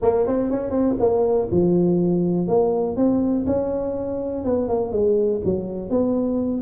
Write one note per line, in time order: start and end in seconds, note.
0.02 0.26 A#3
0.26 0.50 C4
0.50 0.70 C#4
0.70 0.95 C4
0.99 1.48 A#3
1.51 2.47 F3
2.47 2.96 A#3
2.96 3.45 C4
3.46 4.44 C#4
4.44 4.68 B3
4.68 4.92 A#3
4.92 5.41 G#3
5.45 5.90 F#3
5.90 6.61 B3